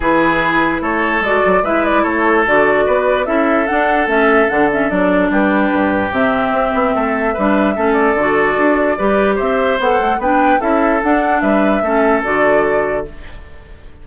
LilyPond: <<
  \new Staff \with { instrumentName = "flute" } { \time 4/4 \tempo 4 = 147 b'2 cis''4 d''4 | e''8 d''8 cis''4 d''2 | e''4 fis''4 e''4 fis''8 e''8 | d''4 b'2 e''4~ |
e''2.~ e''8 d''8~ | d''2. e''4 | fis''4 g''4 e''4 fis''4 | e''2 d''2 | }
  \new Staff \with { instrumentName = "oboe" } { \time 4/4 gis'2 a'2 | b'4 a'2 b'4 | a'1~ | a'4 g'2.~ |
g'4 a'4 b'4 a'4~ | a'2 b'4 c''4~ | c''4 b'4 a'2 | b'4 a'2. | }
  \new Staff \with { instrumentName = "clarinet" } { \time 4/4 e'2. fis'4 | e'2 fis'2 | e'4 d'4 cis'4 d'8 cis'8 | d'2. c'4~ |
c'2 d'4 cis'4 | fis'2 g'2 | a'4 d'4 e'4 d'4~ | d'4 cis'4 fis'2 | }
  \new Staff \with { instrumentName = "bassoon" } { \time 4/4 e2 a4 gis8 fis8 | gis4 a4 d4 b4 | cis'4 d'4 a4 d4 | fis4 g4 g,4 c4 |
c'8 b8 a4 g4 a4 | d4 d'4 g4 c'4 | b8 a8 b4 cis'4 d'4 | g4 a4 d2 | }
>>